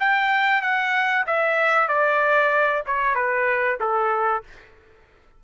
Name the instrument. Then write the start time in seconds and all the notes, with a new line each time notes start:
trumpet
0.00 G5
0.62 F#5
1.27 E5
1.88 D5
2.86 C#5
3.15 B4
3.81 A4